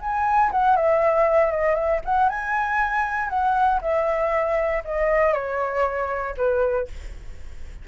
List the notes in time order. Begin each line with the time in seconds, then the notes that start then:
0.00 G#5
0.52 F#5
0.76 E5
1.51 D#5
1.75 E5
2.05 F#5
2.29 G#5
3.29 F#5
3.81 E5
4.84 D#5
5.33 C#5
6.37 B4